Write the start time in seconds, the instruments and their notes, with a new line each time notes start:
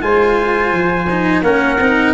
0.00 tuba G#3, cello F4, trumpet C5 G#5
0.71 tuba F3
1.10 cello D#4
1.42 tuba A#3, cello C#4, trumpet A#4 F#5
1.79 tuba C4, cello D#4